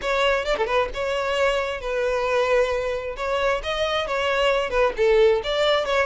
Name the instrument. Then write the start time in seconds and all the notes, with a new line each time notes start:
violin
0.01 C#5
0.45 D5
0.57 A4
0.66 B4
0.94 C#5
1.80 B4
3.16 C#5
3.63 D#5
4.07 C#5
4.70 B4
4.96 A4
5.43 D5
5.85 C#5